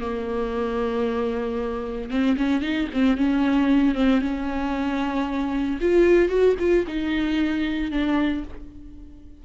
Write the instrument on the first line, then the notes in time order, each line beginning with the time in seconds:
viola
0.00 A#3
2.11 C4
2.37 C#4
2.62 D#4
2.94 C4
3.17 C#4
3.95 C4
4.22 C#4
5.81 F4
6.29 F#4
6.59 F4
6.87 D#4
7.91 D4